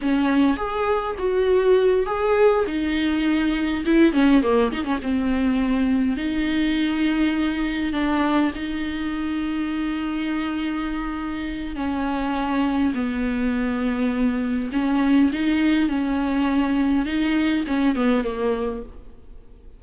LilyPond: \new Staff \with { instrumentName = "viola" } { \time 4/4 \tempo 4 = 102 cis'4 gis'4 fis'4. gis'8~ | gis'8 dis'2 e'8 cis'8 ais8 | dis'16 cis'16 c'2 dis'4.~ | dis'4. d'4 dis'4.~ |
dis'1 | cis'2 b2~ | b4 cis'4 dis'4 cis'4~ | cis'4 dis'4 cis'8 b8 ais4 | }